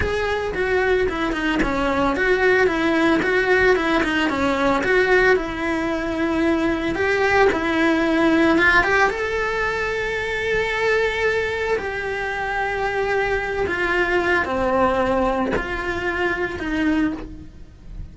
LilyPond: \new Staff \with { instrumentName = "cello" } { \time 4/4 \tempo 4 = 112 gis'4 fis'4 e'8 dis'8 cis'4 | fis'4 e'4 fis'4 e'8 dis'8 | cis'4 fis'4 e'2~ | e'4 g'4 e'2 |
f'8 g'8 a'2.~ | a'2 g'2~ | g'4. f'4. c'4~ | c'4 f'2 dis'4 | }